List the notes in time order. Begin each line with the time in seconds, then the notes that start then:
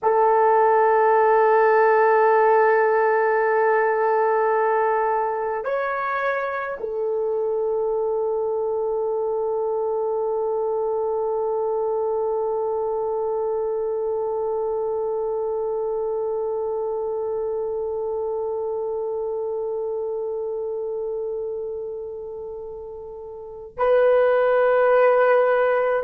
0.02 A4
5.64 C#5
6.79 A4
23.77 B4